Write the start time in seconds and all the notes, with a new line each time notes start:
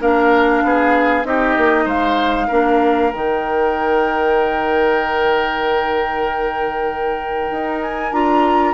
0.00 A#3 D4 A#4 F5
0.63 B3 G#4
1.24 C4 D#4 G4 D#5
1.57 A#3
1.85 G#3 C5 F5
2.48 A#3 D4 A#4
3.12 D#3 D#4 G5
7.51 D#4
7.82 G#5
8.12 D4 F4 A#5